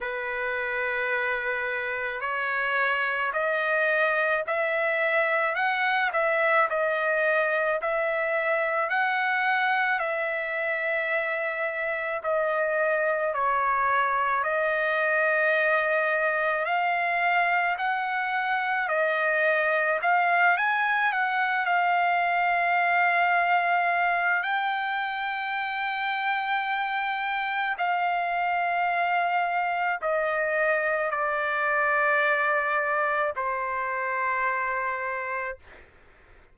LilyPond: \new Staff \with { instrumentName = "trumpet" } { \time 4/4 \tempo 4 = 54 b'2 cis''4 dis''4 | e''4 fis''8 e''8 dis''4 e''4 | fis''4 e''2 dis''4 | cis''4 dis''2 f''4 |
fis''4 dis''4 f''8 gis''8 fis''8 f''8~ | f''2 g''2~ | g''4 f''2 dis''4 | d''2 c''2 | }